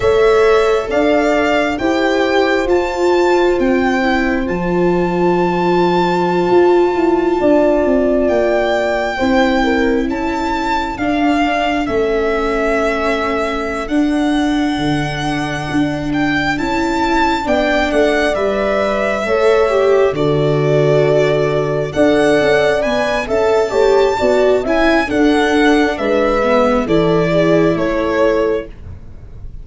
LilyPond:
<<
  \new Staff \with { instrumentName = "violin" } { \time 4/4 \tempo 4 = 67 e''4 f''4 g''4 a''4 | g''4 a''2.~ | a''4~ a''16 g''2 a''8.~ | a''16 f''4 e''2~ e''16 fis''8~ |
fis''2 g''8 a''4 g''8 | fis''8 e''2 d''4.~ | d''8 fis''4 gis''8 a''4. gis''8 | fis''4 e''4 d''4 cis''4 | }
  \new Staff \with { instrumentName = "horn" } { \time 4/4 cis''4 d''4 c''2~ | c''1~ | c''16 d''2 c''8 ais'8 a'8.~ | a'1~ |
a'2.~ a'8 d''8~ | d''4. cis''4 a'4.~ | a'8 d''4. e''8 cis''8 d''8 e''8 | a'4 b'4 a'8 gis'8 a'4 | }
  \new Staff \with { instrumentName = "viola" } { \time 4/4 a'2 g'4 f'4~ | f'8 e'8 f'2.~ | f'2~ f'16 e'4.~ e'16~ | e'16 d'4 cis'2~ cis'16 d'8~ |
d'2~ d'8 e'4 d'8~ | d'8 b'4 a'8 g'8 fis'4.~ | fis'8 a'4 b'8 a'8 g'8 fis'8 e'8 | d'4. b8 e'2 | }
  \new Staff \with { instrumentName = "tuba" } { \time 4/4 a4 d'4 e'4 f'4 | c'4 f2~ f16 f'8 e'16~ | e'16 d'8 c'8 ais4 c'4 cis'8.~ | cis'16 d'4 a2~ a16 d'8~ |
d'8 d4 d'4 cis'4 b8 | a8 g4 a4 d4.~ | d8 d'8 cis'8 b8 cis'8 a8 b8 cis'8 | d'4 gis4 e4 a4 | }
>>